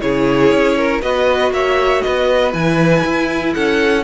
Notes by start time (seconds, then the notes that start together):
0.00 C#3 E4 G#4 C#5
0.51 C#4
0.77 A#4
1.01 B3 F#4 B4 D#5
1.51 A#3 C#5 E5
2.02 B3 B4 D#5
2.51 E3 E4 G#5
3.04 E4
3.53 C#4 A4 F#5